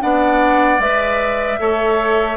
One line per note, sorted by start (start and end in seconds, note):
0.00 0.79 B3
0.00 0.79 D4
0.00 1.60 D5
0.00 0.81 F#5
0.79 1.58 G#3
0.79 1.59 B4
0.79 2.37 E5
1.59 2.37 A3
1.59 2.37 A4
1.59 2.37 C#5